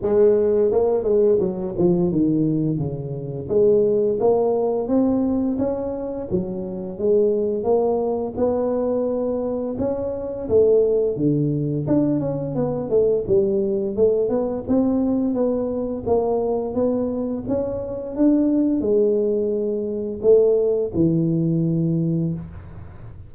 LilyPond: \new Staff \with { instrumentName = "tuba" } { \time 4/4 \tempo 4 = 86 gis4 ais8 gis8 fis8 f8 dis4 | cis4 gis4 ais4 c'4 | cis'4 fis4 gis4 ais4 | b2 cis'4 a4 |
d4 d'8 cis'8 b8 a8 g4 | a8 b8 c'4 b4 ais4 | b4 cis'4 d'4 gis4~ | gis4 a4 e2 | }